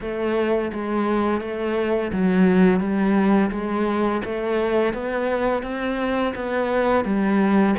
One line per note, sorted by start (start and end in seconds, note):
0.01 0.71 A3
0.73 1.41 G#3
1.41 2.11 A3
2.12 2.79 F#3
2.79 3.50 G3
3.51 4.21 G#3
4.24 4.93 A3
4.93 5.62 B3
5.62 6.33 C4
6.35 7.04 B3
7.04 7.75 G3